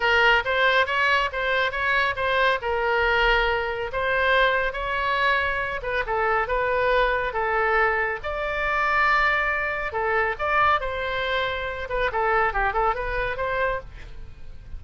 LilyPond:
\new Staff \with { instrumentName = "oboe" } { \time 4/4 \tempo 4 = 139 ais'4 c''4 cis''4 c''4 | cis''4 c''4 ais'2~ | ais'4 c''2 cis''4~ | cis''4. b'8 a'4 b'4~ |
b'4 a'2 d''4~ | d''2. a'4 | d''4 c''2~ c''8 b'8 | a'4 g'8 a'8 b'4 c''4 | }